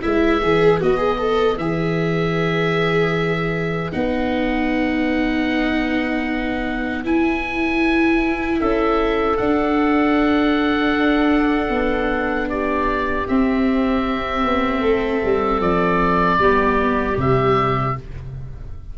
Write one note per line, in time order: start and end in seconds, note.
0.00 0.43 G#3
0.00 0.41 E4
0.00 8.57 B4
0.00 0.79 E5
0.42 0.81 E3
0.42 0.81 G#4
0.81 1.57 B3
0.81 0.97 F#4
0.81 1.58 D#5
0.97 1.17 G#4
1.18 1.57 A4
1.57 3.91 E3
1.57 3.92 G#4
1.57 3.91 E5
3.92 7.06 B3
3.92 7.03 D#4
3.92 7.04 F#5
7.04 9.37 E4
7.04 8.61 E4
7.04 8.60 G#5
8.59 9.39 C#4
8.59 12.48 A4
8.59 9.37 E5
9.37 11.69 D4
9.37 13.28 D4
9.37 12.49 F#5
11.69 13.25 B3
12.48 14.81 G4
12.48 13.27 D5
13.28 16.40 C4
13.28 14.44 C4
13.28 15.61 E5
14.44 14.83 B3
14.81 15.22 A3
14.81 16.36 A4
15.24 15.60 G3
15.60 16.38 F3
15.60 17.17 D5
16.38 17.16 G3
16.38 17.14 B3
16.38 17.96 G4
17.14 17.95 C3
17.14 17.92 G3
17.14 17.98 E5